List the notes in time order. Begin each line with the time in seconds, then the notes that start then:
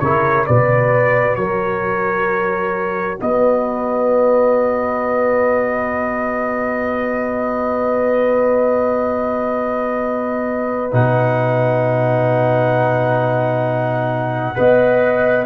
0.00 C#3 E4 A#4 C#5
0.46 B2 F#4 B4 D5
1.36 F#3 A#4 C#5
3.21 B3 B4 D#5
10.92 B2 D#4 F#5
14.55 B3 B4 D#5